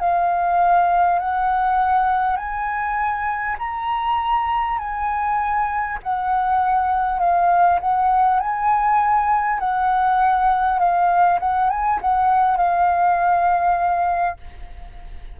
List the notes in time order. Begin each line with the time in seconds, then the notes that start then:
0.00 F5
1.19 F#5
2.37 G#5
3.59 A#5
4.79 G#5
6.03 F#5
7.19 F5
7.81 F#5
8.39 G#5
9.59 F#5
10.79 F5
11.39 F#5
11.70 G#5
12.02 F#5
12.57 F5